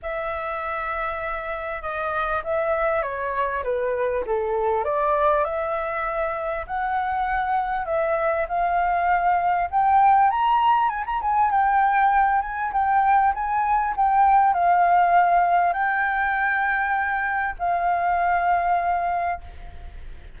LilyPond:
\new Staff \with { instrumentName = "flute" } { \time 4/4 \tempo 4 = 99 e''2. dis''4 | e''4 cis''4 b'4 a'4 | d''4 e''2 fis''4~ | fis''4 e''4 f''2 |
g''4 ais''4 gis''16 ais''16 gis''8 g''4~ | g''8 gis''8 g''4 gis''4 g''4 | f''2 g''2~ | g''4 f''2. | }